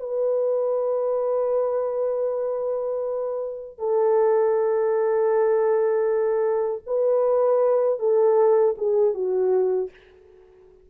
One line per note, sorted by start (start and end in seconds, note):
0.00 3.78 B4
3.78 6.82 A4
6.87 7.99 B4
7.99 8.75 A4
8.78 9.14 G#4
9.14 9.90 F#4